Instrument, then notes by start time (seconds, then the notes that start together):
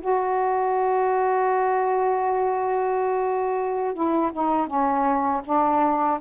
saxophone
0.00 F#4
3.94 E4
4.32 D#4
4.67 C#4
5.44 D4